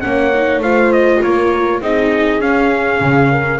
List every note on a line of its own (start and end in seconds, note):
0.00 0.58 A#3
0.00 0.31 C#4
0.00 0.62 C#5
0.00 0.59 F#5
0.34 0.63 D#4
0.58 1.18 A3
0.58 1.81 F4
0.58 1.21 C5
0.58 0.92 F5
0.92 1.22 D#5
1.22 1.81 A#3
1.22 1.81 A#4
1.22 1.81 C#5
1.81 2.40 C4
1.81 2.40 D#4
1.81 3.29 G#4
1.81 2.41 D#5
2.40 3.00 C#4
2.40 3.59 C#4
2.40 3.60 F5
3.00 3.59 C#3
3.30 3.60 A#4